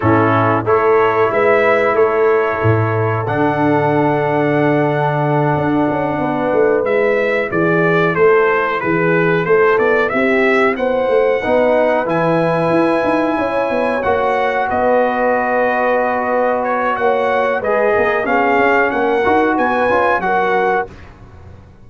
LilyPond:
<<
  \new Staff \with { instrumentName = "trumpet" } { \time 4/4 \tempo 4 = 92 a'4 cis''4 e''4 cis''4~ | cis''4 fis''2.~ | fis''2~ fis''8 e''4 d''8~ | d''8 c''4 b'4 c''8 d''8 e''8~ |
e''8 fis''2 gis''4.~ | gis''4. fis''4 dis''4.~ | dis''4. cis''8 fis''4 dis''4 | f''4 fis''4 gis''4 fis''4 | }
  \new Staff \with { instrumentName = "horn" } { \time 4/4 e'4 a'4 b'4 a'4~ | a'1~ | a'4. b'2 gis'8~ | gis'8 a'4 gis'4 a'4 g'8~ |
g'8 c''4 b'2~ b'8~ | b'8 cis''2 b'4.~ | b'2 cis''4 b'8 ais'8 | gis'4 ais'4 b'4 ais'4 | }
  \new Staff \with { instrumentName = "trombone" } { \time 4/4 cis'4 e'2.~ | e'4 d'2.~ | d'2~ d'8 e'4.~ | e'1~ |
e'4. dis'4 e'4.~ | e'4. fis'2~ fis'8~ | fis'2. gis'4 | cis'4. fis'4 f'8 fis'4 | }
  \new Staff \with { instrumentName = "tuba" } { \time 4/4 a,4 a4 gis4 a4 | a,4 d2.~ | d8 d'8 cis'8 b8 a8 gis4 e8~ | e8 a4 e4 a8 b8 c'8~ |
c'8 b8 a8 b4 e4 e'8 | dis'8 cis'8 b8 ais4 b4.~ | b2 ais4 gis8 ais8 | b8 cis'8 ais8 dis'8 b8 cis'8 fis4 | }
>>